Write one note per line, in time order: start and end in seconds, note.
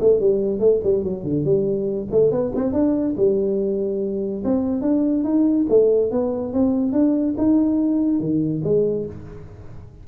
0.00 0.20 A3
0.20 0.59 G3
0.59 0.80 A3
0.83 1.04 G3
1.04 1.23 F#3
1.23 1.44 D3
1.44 2.07 G3
2.11 2.31 A3
2.31 2.52 B3
2.55 2.73 C4
2.73 3.15 D4
3.17 4.43 G3
4.44 4.82 C4
4.82 5.24 D4
5.24 5.66 D#4
5.69 6.11 A3
6.11 6.53 B3
6.53 6.92 C4
6.92 7.35 D4
7.37 8.20 D#4
8.20 8.62 D#3
8.64 9.06 G#3